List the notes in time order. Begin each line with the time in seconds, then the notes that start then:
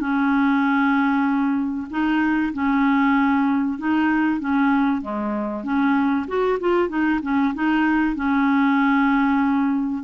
0.00 C#4
1.90 D#4
2.53 C#4
3.78 D#4
4.40 C#4
5.01 G#3
5.63 C#4
6.27 F#4
6.60 F4
6.89 D#4
7.22 C#4
7.54 D#4
8.15 C#4